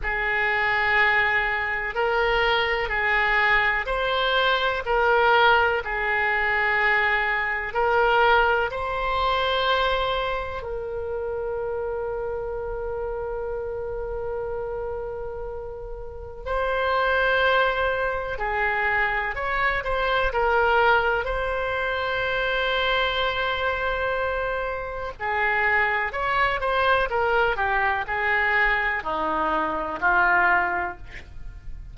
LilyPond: \new Staff \with { instrumentName = "oboe" } { \time 4/4 \tempo 4 = 62 gis'2 ais'4 gis'4 | c''4 ais'4 gis'2 | ais'4 c''2 ais'4~ | ais'1~ |
ais'4 c''2 gis'4 | cis''8 c''8 ais'4 c''2~ | c''2 gis'4 cis''8 c''8 | ais'8 g'8 gis'4 dis'4 f'4 | }